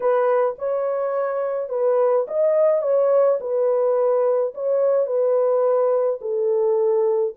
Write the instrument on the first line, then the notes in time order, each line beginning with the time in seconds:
horn
0.00 B4
0.58 C#5
1.69 B4
2.27 D#5
2.82 C#5
3.40 B4
4.54 C#5
5.06 B4
6.21 A4